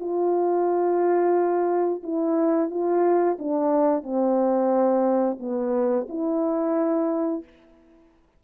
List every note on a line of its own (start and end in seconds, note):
0.00 2.02 F4
2.03 2.70 E4
2.70 3.38 F4
3.39 4.03 D4
4.03 5.38 C4
5.40 6.07 B3
6.09 7.43 E4